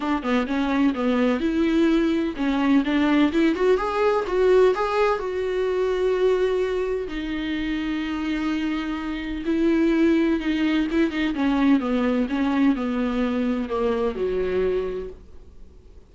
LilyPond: \new Staff \with { instrumentName = "viola" } { \time 4/4 \tempo 4 = 127 d'8 b8 cis'4 b4 e'4~ | e'4 cis'4 d'4 e'8 fis'8 | gis'4 fis'4 gis'4 fis'4~ | fis'2. dis'4~ |
dis'1 | e'2 dis'4 e'8 dis'8 | cis'4 b4 cis'4 b4~ | b4 ais4 fis2 | }